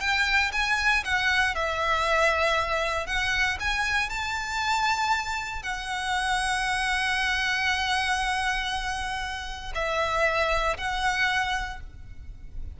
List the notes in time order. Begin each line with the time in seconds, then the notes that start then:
0.00 G5
0.52 G#5
1.04 F#5
1.55 E5
3.06 F#5
3.59 G#5
4.09 A5
5.62 F#5
9.74 E5
10.77 F#5